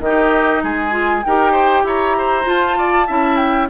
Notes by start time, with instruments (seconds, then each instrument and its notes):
0.00 bassoon D#3, oboe G4, flute D#5
0.06 clarinet D#4
0.63 bassoon G#3, oboe G#4, flute G#5
0.91 clarinet F4
1.24 bassoon D#4, clarinet G4, oboe A#4, flute G5
1.52 oboe C5
1.84 bassoon E4, oboe C#5, flute A#5
2.18 oboe C5
2.43 clarinet F4, bassoon F4, flute A5
2.78 oboe D5
3.07 bassoon C#4, clarinet E4, oboe E5
3.36 flute G5